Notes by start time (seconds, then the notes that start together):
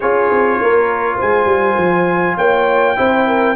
0.00 C#4 F4 G#4 C#5
0.30 C4
0.60 A#3 A#4
1.16 G#3 C5 G#5
1.45 G3
1.77 F3
2.37 A#3 C#5 G5
2.96 C4 E4 C5
3.27 A#4